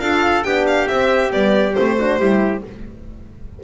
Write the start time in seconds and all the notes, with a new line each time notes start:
0.00 D4 F4 A4 F5
0.44 B3 D4 G4 G5
0.67 F5
0.88 C4 E5
1.30 G3 B3 D5
1.74 A3 C4 C5
1.99 D4 F#4
2.19 G3 E4 G4